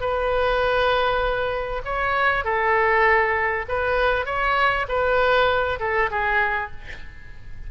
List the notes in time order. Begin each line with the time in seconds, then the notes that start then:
0.00 B4
1.85 C#5
2.44 A4
3.68 B4
4.26 C#5
4.88 B4
5.79 A4
6.10 G#4